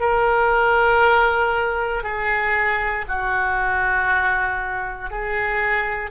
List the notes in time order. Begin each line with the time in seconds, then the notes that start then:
0.00 A#4
2.03 G#4
3.08 F#4
5.10 G#4